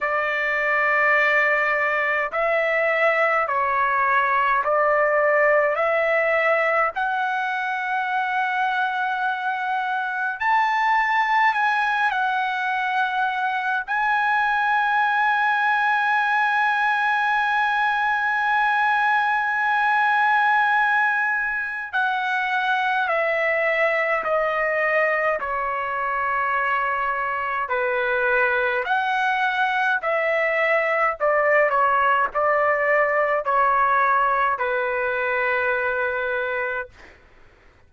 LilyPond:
\new Staff \with { instrumentName = "trumpet" } { \time 4/4 \tempo 4 = 52 d''2 e''4 cis''4 | d''4 e''4 fis''2~ | fis''4 a''4 gis''8 fis''4. | gis''1~ |
gis''2. fis''4 | e''4 dis''4 cis''2 | b'4 fis''4 e''4 d''8 cis''8 | d''4 cis''4 b'2 | }